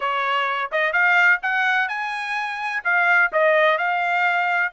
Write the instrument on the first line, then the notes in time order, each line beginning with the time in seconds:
trumpet
0.00 C#5
0.71 D#5
0.93 F5
1.42 F#5
1.88 G#5
2.84 F5
3.32 D#5
3.78 F5